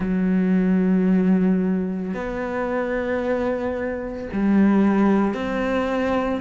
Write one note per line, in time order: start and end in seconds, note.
0.00 2.14 F#3
2.14 4.28 B3
4.32 5.33 G3
5.33 6.40 C4